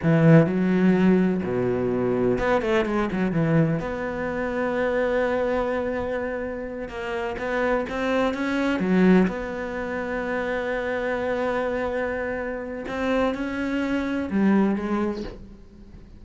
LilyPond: \new Staff \with { instrumentName = "cello" } { \time 4/4 \tempo 4 = 126 e4 fis2 b,4~ | b,4 b8 a8 gis8 fis8 e4 | b1~ | b2~ b8 ais4 b8~ |
b8 c'4 cis'4 fis4 b8~ | b1~ | b2. c'4 | cis'2 g4 gis4 | }